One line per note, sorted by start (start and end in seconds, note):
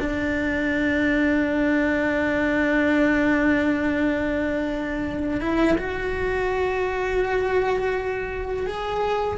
0.00 5.41 D4
5.41 5.77 E4
5.78 8.66 F#4
8.66 9.38 G#4